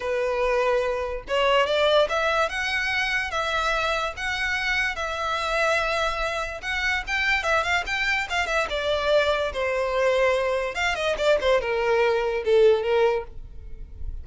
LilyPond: \new Staff \with { instrumentName = "violin" } { \time 4/4 \tempo 4 = 145 b'2. cis''4 | d''4 e''4 fis''2 | e''2 fis''2 | e''1 |
fis''4 g''4 e''8 f''8 g''4 | f''8 e''8 d''2 c''4~ | c''2 f''8 dis''8 d''8 c''8 | ais'2 a'4 ais'4 | }